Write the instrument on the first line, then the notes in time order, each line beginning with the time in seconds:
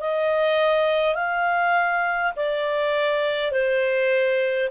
clarinet
0.00 D#5
1.14 F5
2.36 D5
3.52 C5